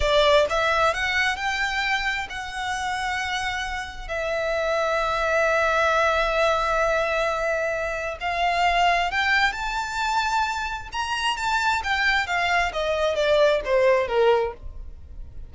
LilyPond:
\new Staff \with { instrumentName = "violin" } { \time 4/4 \tempo 4 = 132 d''4 e''4 fis''4 g''4~ | g''4 fis''2.~ | fis''4 e''2.~ | e''1~ |
e''2 f''2 | g''4 a''2. | ais''4 a''4 g''4 f''4 | dis''4 d''4 c''4 ais'4 | }